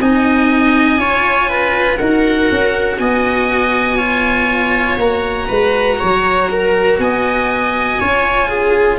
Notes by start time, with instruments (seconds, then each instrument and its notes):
0.00 tuba C4, cello D#4, viola D#5, oboe G#5
0.98 tuba C#4, cello F4, viola C#5
1.49 viola B4
1.97 tuba D#4, cello F#4, viola A#4, oboe F#5
2.51 tuba C#4
2.99 tuba B3, viola D#5, oboe G#5
3.96 cello F4, viola C#5
4.98 tuba A#3, cello F#4, oboe A#5
5.48 tuba G#3, viola B4
6.00 tuba F#3, viola C#5
6.52 viola A#4
6.99 tuba B3, viola D#5, oboe G#5
8.00 tuba C#4, cello F4, viola C#5
8.48 viola G#4